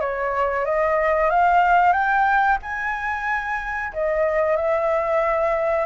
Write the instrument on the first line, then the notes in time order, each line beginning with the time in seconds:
flute
0.00 C#5
0.65 D#5
1.30 F5
1.92 G5
2.62 G#5
3.93 D#5
4.56 E5